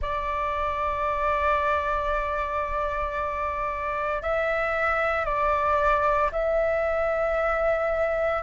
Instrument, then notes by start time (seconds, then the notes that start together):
flute
0.01 D5
4.22 E5
5.25 D5
6.32 E5